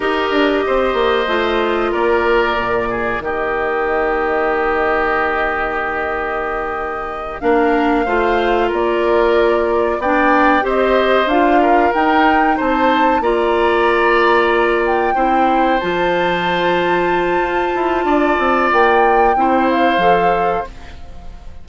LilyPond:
<<
  \new Staff \with { instrumentName = "flute" } { \time 4/4 \tempo 4 = 93 dis''2. d''4~ | d''4 dis''2.~ | dis''2.~ dis''8 f''8~ | f''4. d''2 g''8~ |
g''8 dis''4 f''4 g''4 a''8~ | a''8 ais''2~ ais''8 g''4~ | g''8 a''2.~ a''8~ | a''4 g''4. f''4. | }
  \new Staff \with { instrumentName = "oboe" } { \time 4/4 ais'4 c''2 ais'4~ | ais'8 gis'8 g'2.~ | g'2.~ g'8 ais'8~ | ais'8 c''4 ais'2 d''8~ |
d''8 c''4. ais'4. c''8~ | c''8 d''2. c''8~ | c''1 | d''2 c''2 | }
  \new Staff \with { instrumentName = "clarinet" } { \time 4/4 g'2 f'2 | ais1~ | ais2.~ ais8 d'8~ | d'8 f'2. d'8~ |
d'8 g'4 f'4 dis'4.~ | dis'8 f'2. e'8~ | e'8 f'2.~ f'8~ | f'2 e'4 a'4 | }
  \new Staff \with { instrumentName = "bassoon" } { \time 4/4 dis'8 d'8 c'8 ais8 a4 ais4 | ais,4 dis2.~ | dis2.~ dis8 ais8~ | ais8 a4 ais2 b8~ |
b8 c'4 d'4 dis'4 c'8~ | c'8 ais2. c'8~ | c'8 f2~ f8 f'8 e'8 | d'8 c'8 ais4 c'4 f4 | }
>>